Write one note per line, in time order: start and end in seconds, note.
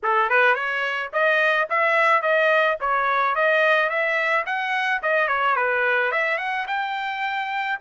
0.02 0.29 A4
0.29 0.54 B4
0.54 1.10 C#5
1.12 1.68 D#5
1.69 2.22 E5
2.22 2.77 D#5
2.80 3.35 C#5
3.35 3.89 D#5
3.89 4.44 E5
4.45 5.01 F#5
5.02 5.28 D#5
5.28 5.56 C#5
5.56 6.11 B4
6.11 6.38 E5
6.38 6.65 F#5
6.67 7.78 G5